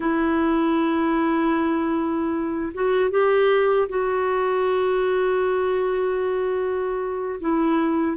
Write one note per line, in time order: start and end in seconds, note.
0.00 2.73 E4
2.73 3.10 F#4
3.10 3.88 G4
3.89 7.39 F#4
7.40 8.17 E4